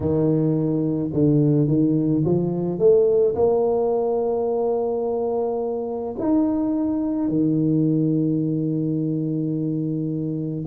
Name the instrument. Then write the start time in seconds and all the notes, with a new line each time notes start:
tuba
0.00 D#3
1.13 D3
1.67 D#3
2.24 F3
2.79 A3
3.35 A#3
6.19 D#4
7.28 D#3